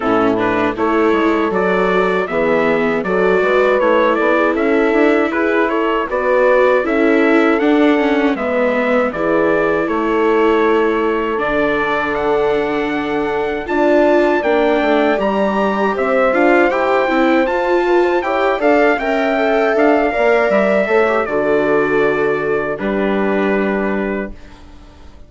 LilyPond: <<
  \new Staff \with { instrumentName = "trumpet" } { \time 4/4 \tempo 4 = 79 a'8 b'8 cis''4 d''4 e''4 | d''4 cis''8 d''8 e''4 b'8 cis''8 | d''4 e''4 fis''4 e''4 | d''4 cis''2 d''4 |
fis''2 a''4 g''4 | ais''4 e''8 f''8 g''4 a''4 | g''8 f''8 g''4 f''4 e''4 | d''2 b'2 | }
  \new Staff \with { instrumentName = "horn" } { \time 4/4 e'4 a'2 gis'4 | a'8 b'4 a'16 gis'16 a'4 gis'8 a'8 | b'4 a'2 b'4 | gis'4 a'2.~ |
a'2 d''2~ | d''4 c''2~ c''8 b'16 c''16 | cis''8 d''8 e''4. d''4 cis''8 | a'2 g'2 | }
  \new Staff \with { instrumentName = "viola" } { \time 4/4 cis'8 d'8 e'4 fis'4 b4 | fis'4 e'2. | fis'4 e'4 d'8 cis'8 b4 | e'2. d'4~ |
d'2 f'4 d'4 | g'4. f'8 g'8 e'8 f'4 | g'8 a'8 ais'8 a'4 ais'4 a'16 g'16 | fis'2 d'2 | }
  \new Staff \with { instrumentName = "bassoon" } { \time 4/4 a,4 a8 gis8 fis4 e4 | fis8 gis8 a8 b8 cis'8 d'8 e'4 | b4 cis'4 d'4 gis4 | e4 a2 d4~ |
d2 d'4 ais8 a8 | g4 c'8 d'8 e'8 c'8 f'4 | e'8 d'8 cis'4 d'8 ais8 g8 a8 | d2 g2 | }
>>